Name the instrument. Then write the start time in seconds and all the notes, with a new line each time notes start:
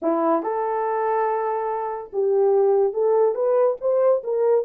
horn
0.02 E4
0.43 A4
2.12 G4
2.93 A4
3.34 B4
3.80 C5
4.23 A#4